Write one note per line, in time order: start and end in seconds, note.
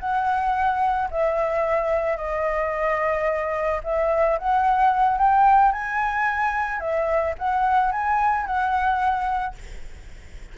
0.00 1.09 F#5
1.11 2.17 E5
2.17 3.81 D#5
3.84 4.38 E5
4.39 5.18 F#5
5.18 5.72 G5
5.72 6.80 G#5
6.80 7.35 E5
7.38 7.92 F#5
7.92 8.46 G#5
8.46 9.55 F#5